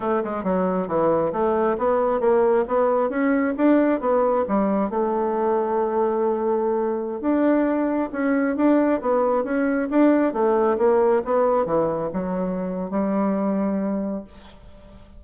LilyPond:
\new Staff \with { instrumentName = "bassoon" } { \time 4/4 \tempo 4 = 135 a8 gis8 fis4 e4 a4 | b4 ais4 b4 cis'4 | d'4 b4 g4 a4~ | a1~ |
a16 d'2 cis'4 d'8.~ | d'16 b4 cis'4 d'4 a8.~ | a16 ais4 b4 e4 fis8.~ | fis4 g2. | }